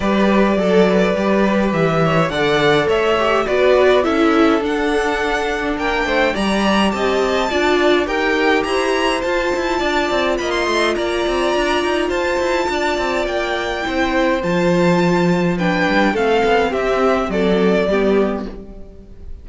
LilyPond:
<<
  \new Staff \with { instrumentName = "violin" } { \time 4/4 \tempo 4 = 104 d''2. e''4 | fis''4 e''4 d''4 e''4 | fis''2 g''4 ais''4 | a''2 g''4 ais''4 |
a''2 b''16 c'''8. ais''4~ | ais''4 a''2 g''4~ | g''4 a''2 g''4 | f''4 e''4 d''2 | }
  \new Staff \with { instrumentName = "violin" } { \time 4/4 b'4 a'8 b'2 cis''8 | d''4 cis''4 b'4 a'4~ | a'2 ais'8 c''8 d''4 | dis''4 d''4 ais'4 c''4~ |
c''4 d''4 dis''4 d''4~ | d''4 c''4 d''2 | c''2. b'4 | a'4 g'4 a'4 g'4 | }
  \new Staff \with { instrumentName = "viola" } { \time 4/4 g'4 a'4 g'2 | a'4. g'8 fis'4 e'4 | d'2. g'4~ | g'4 f'4 g'2 |
f'1~ | f'1 | e'4 f'2 d'4 | c'2. b4 | }
  \new Staff \with { instrumentName = "cello" } { \time 4/4 g4 fis4 g4 e4 | d4 a4 b4 cis'4 | d'2 ais8 a8 g4 | c'4 d'4 dis'4 e'4 |
f'8 e'8 d'8 c'8 ais8 a8 ais8 c'8 | d'8 dis'8 f'8 e'8 d'8 c'8 ais4 | c'4 f2~ f8 g8 | a8 b8 c'4 fis4 g4 | }
>>